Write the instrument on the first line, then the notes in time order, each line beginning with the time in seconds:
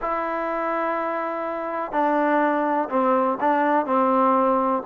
trombone
0.01 E4
1.92 D4
2.89 C4
3.40 D4
3.86 C4